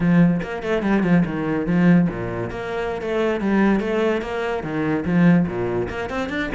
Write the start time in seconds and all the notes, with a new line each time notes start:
0.00 F3
0.42 A#3
0.62 A3
0.82 G3
1.03 F3
1.25 D#3
1.66 F3
2.09 A#2
2.50 A#3
3.01 A3
3.40 G3
3.80 A3
4.21 A#3
4.63 D#3
5.05 F3
5.47 A#2
5.89 A#3
6.09 C4
6.29 D4